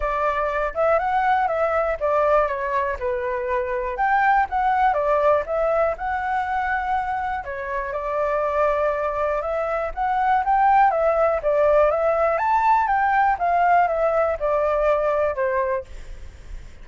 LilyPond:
\new Staff \with { instrumentName = "flute" } { \time 4/4 \tempo 4 = 121 d''4. e''8 fis''4 e''4 | d''4 cis''4 b'2 | g''4 fis''4 d''4 e''4 | fis''2. cis''4 |
d''2. e''4 | fis''4 g''4 e''4 d''4 | e''4 a''4 g''4 f''4 | e''4 d''2 c''4 | }